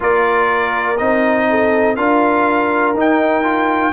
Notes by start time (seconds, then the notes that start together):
0.00 A#3 F4 A#4 D5
0.97 C4 D#4 D#5
1.49 A4
1.95 D4 F4 A#4 F5
2.93 D#4
3.00 G5
3.43 F4